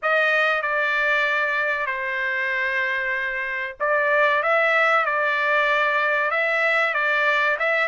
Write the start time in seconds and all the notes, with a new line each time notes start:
0.02 D#5
0.61 D5
1.86 C5
3.80 D5
4.42 E5
5.05 D5
6.30 E5
6.94 D5
7.59 E5